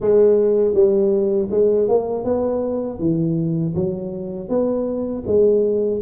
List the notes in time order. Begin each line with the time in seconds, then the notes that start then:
0.00 G#3
0.74 G3
1.50 G#3
1.88 A#3
2.24 B3
2.99 E3
3.75 F#3
4.48 B3
5.26 G#3